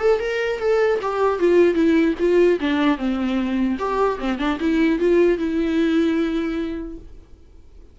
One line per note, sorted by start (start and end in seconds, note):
0.00 0.20 A4
0.20 0.60 A#4
0.60 1.00 A4
1.02 1.39 G4
1.39 1.75 F4
1.75 2.15 E4
2.20 2.60 F4
2.60 2.98 D4
2.98 3.78 C4
3.79 4.19 G4
4.19 4.39 C4
4.39 4.59 D4
4.60 5.00 E4
5.00 5.38 F4
5.38 6.98 E4